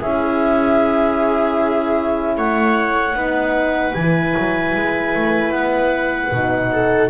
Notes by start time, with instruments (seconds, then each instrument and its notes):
0.00 double bass C#4, horn E4, viola G#4, clarinet E5
2.37 double bass A3, viola C#5, clarinet F#5
3.15 double bass B3, horn D#4, viola B4
3.94 double bass E3, horn E4, clarinet G#5
4.38 double bass F#3
4.76 double bass G#3
5.15 double bass A3
5.51 double bass B3, clarinet F#5
6.32 double bass B2, horn D#4
6.73 viola A4